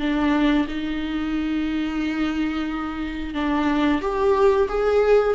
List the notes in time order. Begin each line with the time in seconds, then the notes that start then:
0.00 D4
0.68 D#4
3.34 D4
4.02 G4
4.69 G#4